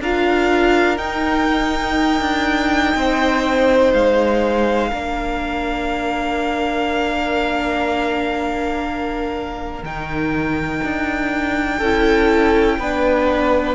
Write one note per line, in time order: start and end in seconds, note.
0.00 0.98 D4
0.00 0.98 F4
0.00 2.97 A#4
0.00 0.98 F5
0.98 4.91 D#4
0.98 2.20 D#4
0.98 3.93 G5
2.20 2.94 D4
2.95 3.93 C4
2.95 4.89 C5
3.93 4.92 G#3
3.93 9.84 F5
4.89 9.83 A#3
4.89 9.84 D4
4.89 11.77 A#4
9.83 10.82 D#3
9.83 11.83 D#4
9.83 13.75 G5
10.84 11.81 D4
11.78 12.79 C#4
11.78 12.81 E4
11.78 12.77 A4
12.79 13.75 B3
12.79 13.75 D4
12.79 13.75 B4